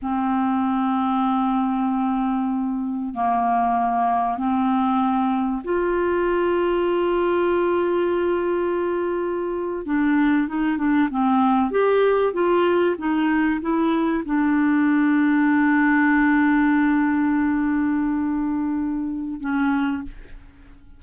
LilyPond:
\new Staff \with { instrumentName = "clarinet" } { \time 4/4 \tempo 4 = 96 c'1~ | c'4 ais2 c'4~ | c'4 f'2.~ | f'2.~ f'8. d'16~ |
d'8. dis'8 d'8 c'4 g'4 f'16~ | f'8. dis'4 e'4 d'4~ d'16~ | d'1~ | d'2. cis'4 | }